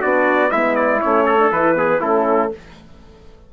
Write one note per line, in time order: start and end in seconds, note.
0.00 0.51 B3
0.00 0.51 D4
0.00 0.50 F#4
0.00 0.51 D5
0.51 1.01 G#3
0.51 1.00 B3
0.51 1.25 E4
0.51 0.75 E5
0.75 1.00 D5
1.00 1.51 A3
1.00 1.38 C#4
1.00 1.51 C#5
1.25 1.75 A4
1.38 1.51 D4
1.51 2.01 E3
1.51 1.75 E4
1.51 2.01 B4
1.75 2.00 B3
1.75 2.00 G#4
2.00 2.51 A3
2.00 2.52 C#4
2.00 2.50 E4
2.00 2.52 A4